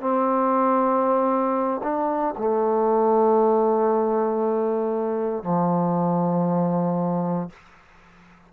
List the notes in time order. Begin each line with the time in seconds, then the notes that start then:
0.00 C4
1.83 D4
2.38 A3
5.43 F3